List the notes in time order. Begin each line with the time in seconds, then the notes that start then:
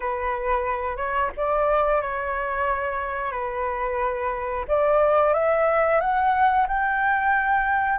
0.00 B4
0.97 C#5
1.37 D5
2.01 C#5
3.32 B4
4.68 D5
5.33 E5
6.00 F#5
6.67 G5